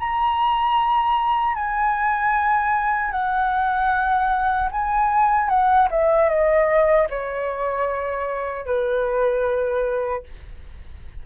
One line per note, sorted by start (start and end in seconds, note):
0.00 1.55 A#5
1.55 3.12 G#5
3.12 4.70 F#5
4.72 5.49 G#5
5.49 5.89 F#5
5.91 6.29 E5
6.29 7.08 D#5
7.10 8.66 C#5
8.66 10.24 B4